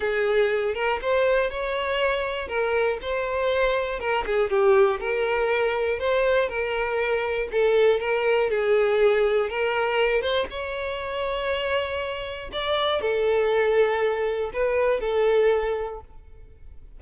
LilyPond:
\new Staff \with { instrumentName = "violin" } { \time 4/4 \tempo 4 = 120 gis'4. ais'8 c''4 cis''4~ | cis''4 ais'4 c''2 | ais'8 gis'8 g'4 ais'2 | c''4 ais'2 a'4 |
ais'4 gis'2 ais'4~ | ais'8 c''8 cis''2.~ | cis''4 d''4 a'2~ | a'4 b'4 a'2 | }